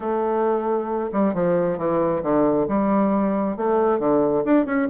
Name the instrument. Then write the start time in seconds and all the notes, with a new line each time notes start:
bassoon
0.00 A3
1.12 G3
1.34 F3
1.78 E3
2.22 D3
2.68 G3
3.57 A3
3.99 D3
4.44 D4
4.65 C#4